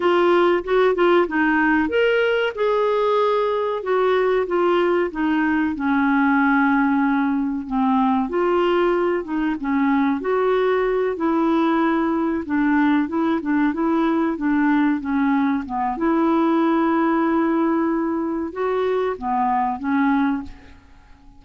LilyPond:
\new Staff \with { instrumentName = "clarinet" } { \time 4/4 \tempo 4 = 94 f'4 fis'8 f'8 dis'4 ais'4 | gis'2 fis'4 f'4 | dis'4 cis'2. | c'4 f'4. dis'8 cis'4 |
fis'4. e'2 d'8~ | d'8 e'8 d'8 e'4 d'4 cis'8~ | cis'8 b8 e'2.~ | e'4 fis'4 b4 cis'4 | }